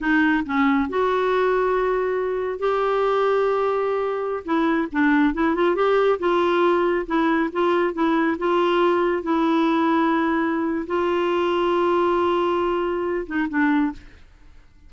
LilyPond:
\new Staff \with { instrumentName = "clarinet" } { \time 4/4 \tempo 4 = 138 dis'4 cis'4 fis'2~ | fis'2 g'2~ | g'2~ g'16 e'4 d'8.~ | d'16 e'8 f'8 g'4 f'4.~ f'16~ |
f'16 e'4 f'4 e'4 f'8.~ | f'4~ f'16 e'2~ e'8.~ | e'4 f'2.~ | f'2~ f'8 dis'8 d'4 | }